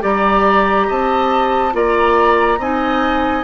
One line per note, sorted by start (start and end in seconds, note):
0.00 0.89 G3
0.00 1.71 G4
0.00 0.87 D5
0.00 0.89 A#5
0.87 1.74 C4
0.87 1.73 D#5
0.87 1.75 A5
1.72 2.58 A#3
1.72 2.57 F4
1.72 2.59 D5
1.72 2.62 A#5
2.58 3.44 C4
2.58 3.44 D#4
2.58 3.44 D#5
2.58 3.44 G#5